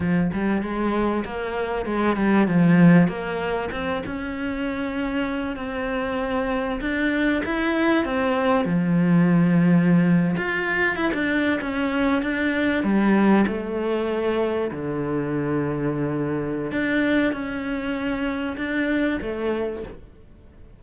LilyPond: \new Staff \with { instrumentName = "cello" } { \time 4/4 \tempo 4 = 97 f8 g8 gis4 ais4 gis8 g8 | f4 ais4 c'8 cis'4.~ | cis'4 c'2 d'4 | e'4 c'4 f2~ |
f8. f'4 e'16 d'8. cis'4 d'16~ | d'8. g4 a2 d16~ | d2. d'4 | cis'2 d'4 a4 | }